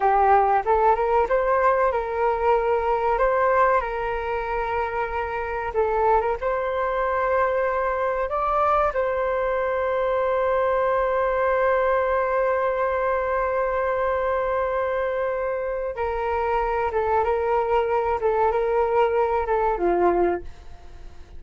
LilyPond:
\new Staff \with { instrumentName = "flute" } { \time 4/4 \tempo 4 = 94 g'4 a'8 ais'8 c''4 ais'4~ | ais'4 c''4 ais'2~ | ais'4 a'8. ais'16 c''2~ | c''4 d''4 c''2~ |
c''1~ | c''1~ | c''4 ais'4. a'8 ais'4~ | ais'8 a'8 ais'4. a'8 f'4 | }